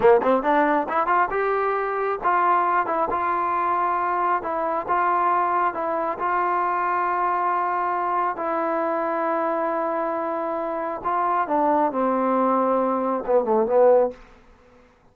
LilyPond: \new Staff \with { instrumentName = "trombone" } { \time 4/4 \tempo 4 = 136 ais8 c'8 d'4 e'8 f'8 g'4~ | g'4 f'4. e'8 f'4~ | f'2 e'4 f'4~ | f'4 e'4 f'2~ |
f'2. e'4~ | e'1~ | e'4 f'4 d'4 c'4~ | c'2 b8 a8 b4 | }